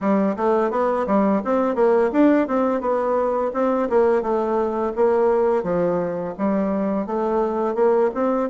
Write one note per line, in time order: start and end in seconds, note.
0.00 0.36 G3
0.36 0.70 A3
0.70 1.06 B3
1.07 1.42 G3
1.44 1.75 C4
1.75 2.10 A#3
2.12 2.47 D4
2.47 2.80 C4
2.80 3.51 B3
3.53 3.88 C4
3.89 4.22 A#3
4.22 4.92 A3
4.95 5.63 A#3
5.63 6.33 F3
6.38 7.06 G3
7.06 7.75 A3
7.75 8.10 A#3
8.14 8.49 C4